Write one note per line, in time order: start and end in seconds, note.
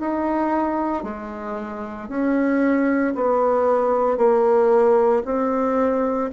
0.00 1.03 D#4
1.03 2.09 G#3
2.09 3.14 C#4
3.15 4.17 B3
4.17 5.22 A#3
5.25 6.30 C4